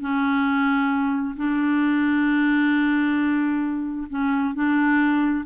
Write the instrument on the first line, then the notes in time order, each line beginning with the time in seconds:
clarinet
0.00 C#4
1.36 D4
4.09 C#4
4.54 D4